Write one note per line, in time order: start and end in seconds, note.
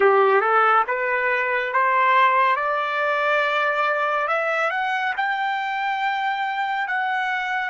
0.00 0.41 G4
0.41 0.83 A4
0.87 1.72 B4
1.72 2.56 C5
2.56 4.27 D5
4.27 4.70 E5
4.70 5.13 F#5
5.16 6.87 G5
6.87 7.69 F#5